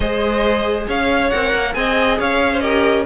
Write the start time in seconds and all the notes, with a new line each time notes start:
0.00 G#3 G#4 C5 D#5
0.86 C#4 C#5 F5
1.30 C4 A#4 F#5
1.54 A#3
1.73 C4 G#4 D#5 G#5
2.19 C#4 C#5 F5
2.52 C5
2.59 G4 A#4 D#5